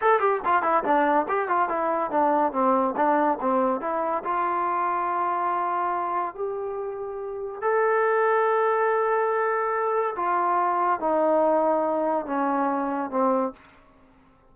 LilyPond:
\new Staff \with { instrumentName = "trombone" } { \time 4/4 \tempo 4 = 142 a'8 g'8 f'8 e'8 d'4 g'8 f'8 | e'4 d'4 c'4 d'4 | c'4 e'4 f'2~ | f'2. g'4~ |
g'2 a'2~ | a'1 | f'2 dis'2~ | dis'4 cis'2 c'4 | }